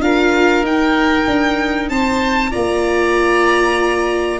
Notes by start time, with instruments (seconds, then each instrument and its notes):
0.00 tuba D4, viola F4, oboe A#4, violin F5
0.62 tuba D#4, viola D#4, violin G5
1.27 tuba D4
1.89 tuba C4, oboe C5, violin A5
2.51 tuba A#3, viola F4, oboe D5, violin A#5